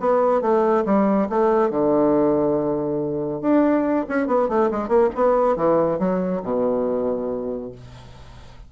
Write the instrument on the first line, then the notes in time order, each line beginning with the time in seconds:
bassoon
0.00 B3
0.41 A3
0.85 G3
1.30 A3
1.70 D3
3.41 D4
4.09 C#4
4.27 B3
4.49 A3
4.71 G#3
4.88 A#3
5.15 B3
5.56 E3
5.99 F#3
6.43 B2